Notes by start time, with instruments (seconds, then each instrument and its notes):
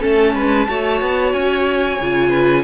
0.00 cello A3, viola C#4, violin A4 A5
0.35 cello G#3, violin B4
0.68 cello A3, viola F#4, violin C#5
1.02 cello B3
1.33 cello C#4, violin G#5
2.00 cello C#3, viola F4
2.30 violin B4